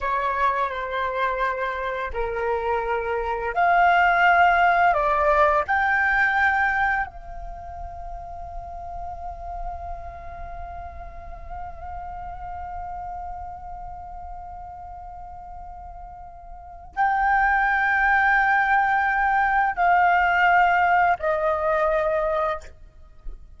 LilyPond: \new Staff \with { instrumentName = "flute" } { \time 4/4 \tempo 4 = 85 cis''4 c''2 ais'4~ | ais'4 f''2 d''4 | g''2 f''2~ | f''1~ |
f''1~ | f''1 | g''1 | f''2 dis''2 | }